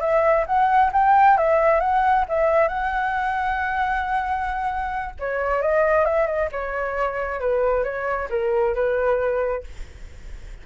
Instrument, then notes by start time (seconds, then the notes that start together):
flute
0.00 E5
0.46 F#5
0.92 G5
1.37 E5
1.80 F#5
2.28 E5
2.68 F#5
5.19 C#5
5.61 D#5
6.04 E5
6.26 D#5
6.51 C#5
7.40 B4
7.83 C#5
8.29 A#4
8.74 B4